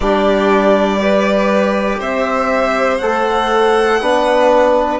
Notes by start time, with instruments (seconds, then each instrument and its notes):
0.00 bassoon G3, trombone D4, violin G4 D5
0.99 trombone G4, violin B4
1.99 bassoon C4, violin C5 E5
2.97 bassoon A3, trombone A4, violin F#5
4.01 bassoon B3, trombone D4, violin B4